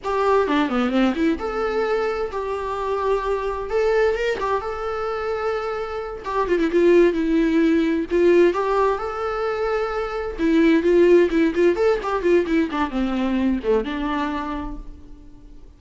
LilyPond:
\new Staff \with { instrumentName = "viola" } { \time 4/4 \tempo 4 = 130 g'4 d'8 b8 c'8 e'8 a'4~ | a'4 g'2. | a'4 ais'8 g'8 a'2~ | a'4. g'8 f'16 e'16 f'4 e'8~ |
e'4. f'4 g'4 a'8~ | a'2~ a'8 e'4 f'8~ | f'8 e'8 f'8 a'8 g'8 f'8 e'8 d'8 | c'4. a8 d'2 | }